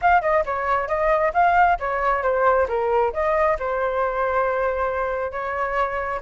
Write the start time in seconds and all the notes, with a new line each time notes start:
0.01 F5
0.21 D#5
0.45 C#5
0.88 D#5
1.33 F5
1.79 C#5
2.22 C5
2.68 A#4
3.13 D#5
3.59 C5
5.31 C#5